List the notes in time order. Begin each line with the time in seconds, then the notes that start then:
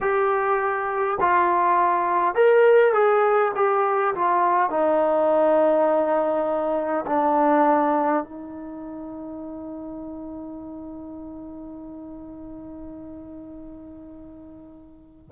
0.01 G4
1.20 F4
2.35 A#4
2.93 G#4
3.55 G4
4.14 F4
4.70 D#4
7.06 D4
8.24 D#4